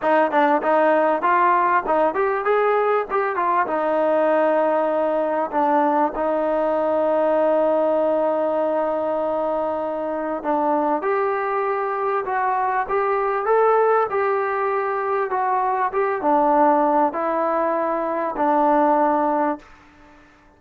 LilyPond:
\new Staff \with { instrumentName = "trombone" } { \time 4/4 \tempo 4 = 98 dis'8 d'8 dis'4 f'4 dis'8 g'8 | gis'4 g'8 f'8 dis'2~ | dis'4 d'4 dis'2~ | dis'1~ |
dis'4 d'4 g'2 | fis'4 g'4 a'4 g'4~ | g'4 fis'4 g'8 d'4. | e'2 d'2 | }